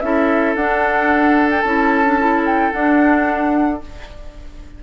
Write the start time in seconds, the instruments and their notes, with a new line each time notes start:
0.00 bassoon C#4, clarinet E4, oboe A4, flute E5
0.55 bassoon D4, clarinet D4, flute F#5
1.50 flute G5
1.61 bassoon C#4, clarinet E4, flute A5
2.05 clarinet D4
2.19 clarinet E4
2.45 flute G5
2.72 clarinet D4, bassoon D4, flute F#5